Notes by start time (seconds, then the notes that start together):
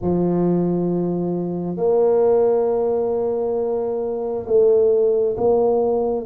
0.01 F3
1.77 A#3
4.46 A3
5.37 A#3